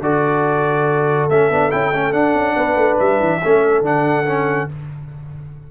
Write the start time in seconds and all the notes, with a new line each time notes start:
0.00 D3 F#4 A4 D5
1.29 A3 C#4 E5
1.49 B3 D4
1.70 C#4 E4 G5
1.91 A3 C#4
2.12 D4 F#5
2.34 C#4
2.55 B3 B4
2.75 A3
2.99 G3 E5
3.19 E3
3.42 A3 C#4 A4
3.81 D3 D4 F#5
4.26 C#4